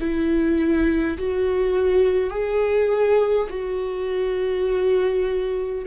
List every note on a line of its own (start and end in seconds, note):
0.00 1.18 E4
1.18 2.30 F#4
2.30 3.48 G#4
3.50 5.85 F#4